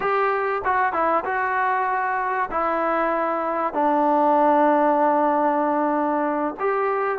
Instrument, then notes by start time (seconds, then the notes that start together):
trombone
0.00 G4
0.64 F#4
0.92 E4
1.24 F#4
2.51 E4
3.73 D4
6.59 G4